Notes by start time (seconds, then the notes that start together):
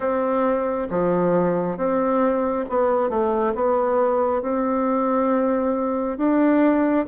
0.00 C4
0.89 F3
1.76 C4
2.69 B3
3.09 A3
3.55 B3
4.42 C4
6.17 D4